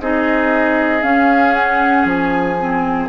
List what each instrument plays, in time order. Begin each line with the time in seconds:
0.00 bassoon C4, clarinet D#4, oboe G#4, flute D#5
1.02 clarinet C#4, bassoon C#4, flute F5
1.54 flute F#5
2.05 bassoon F3, flute G#5
2.59 clarinet C4